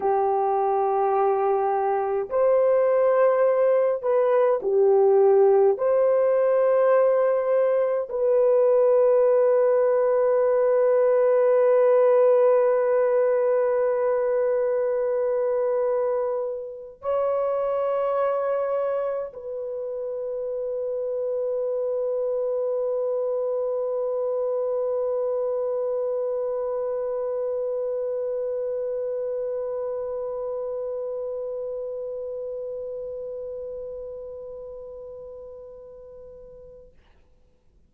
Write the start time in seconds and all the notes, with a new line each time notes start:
0.00 G4
2.29 C5
4.02 B4
4.62 G4
5.77 C5
8.09 B4
17.01 C#5
19.33 B4